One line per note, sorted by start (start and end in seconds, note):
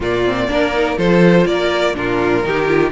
0.00 0.48 A#2
0.00 0.25 A#3
0.00 0.49 F4
0.00 0.98 D5
0.25 0.48 C4
0.48 0.97 A#3
0.48 0.73 D4
0.48 0.97 A#4
0.73 0.97 D#4
0.97 1.45 F3
0.97 1.94 F4
0.97 1.46 A4
0.97 1.46 C5
1.45 1.94 A#3
1.45 1.95 A#4
1.45 1.95 D5
1.94 2.44 A#2
1.94 2.43 D4
1.94 2.45 F4
1.94 2.91 A#4
2.44 2.91 D#3
2.44 2.67 D#4
2.44 2.91 G4
2.67 2.91 F4